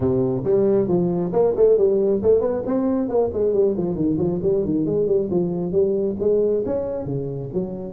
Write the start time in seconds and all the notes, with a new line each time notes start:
0.00 C3
0.44 G3
0.87 F3
1.32 A#3
1.56 A3
1.77 G3
2.22 A3
2.40 B3
2.66 C4
3.08 A#3
3.33 G#3
3.53 G3
3.77 F3
3.95 D#3
4.18 F3
4.42 G3
4.64 D#3
4.85 G#3
5.06 G3
5.30 F3
5.72 G3
6.19 G#3
6.65 C#4
7.05 C#3
7.53 F#3